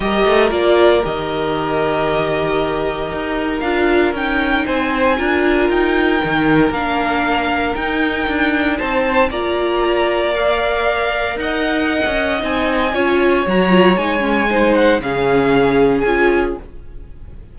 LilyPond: <<
  \new Staff \with { instrumentName = "violin" } { \time 4/4 \tempo 4 = 116 dis''4 d''4 dis''2~ | dis''2. f''4 | g''4 gis''2 g''4~ | g''4 f''2 g''4~ |
g''4 a''4 ais''2 | f''2 fis''2 | gis''2 ais''4 gis''4~ | gis''8 fis''8 f''2 gis''4 | }
  \new Staff \with { instrumentName = "violin" } { \time 4/4 ais'1~ | ais'1~ | ais'4 c''4 ais'2~ | ais'1~ |
ais'4 c''4 d''2~ | d''2 dis''2~ | dis''4 cis''2. | c''4 gis'2. | }
  \new Staff \with { instrumentName = "viola" } { \time 4/4 g'4 f'4 g'2~ | g'2. f'4 | dis'2 f'2 | dis'4 d'2 dis'4~ |
dis'2 f'2 | ais'1 | dis'4 f'4 fis'8 f'8 dis'8 cis'8 | dis'4 cis'2 f'4 | }
  \new Staff \with { instrumentName = "cello" } { \time 4/4 g8 a8 ais4 dis2~ | dis2 dis'4 d'4 | cis'4 c'4 d'4 dis'4 | dis4 ais2 dis'4 |
d'4 c'4 ais2~ | ais2 dis'4~ dis'16 cis'8. | c'4 cis'4 fis4 gis4~ | gis4 cis2 cis'4 | }
>>